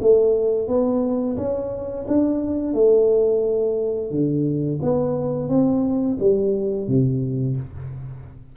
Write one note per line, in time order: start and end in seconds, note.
0.00 0.67 A3
0.67 1.36 B3
1.37 2.06 C#4
2.07 2.73 D4
2.73 4.11 A3
4.11 4.80 D3
4.82 5.48 B3
5.48 6.17 C4
6.19 6.87 G3
6.87 7.56 C3